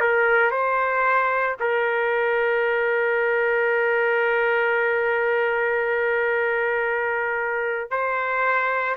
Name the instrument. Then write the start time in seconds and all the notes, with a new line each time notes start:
trumpet
0.00 A#4
0.51 C5
1.60 A#4
7.91 C5